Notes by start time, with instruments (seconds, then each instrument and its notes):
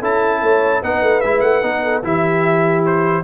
0.00 tuba C#4, trombone E4, horn A4, trumpet A5
0.42 tuba A3, horn C#5
0.81 tuba B3, trombone D#4, horn B4, trumpet F#5
1.02 tuba A3
1.21 tuba G#3, trombone E4, trumpet E5
1.41 tuba A3, trumpet F#5
1.62 tuba B3, trombone D#4
1.84 horn A4
2.03 tuba E3, trombone E4, horn G4, trumpet E5
2.85 trumpet C5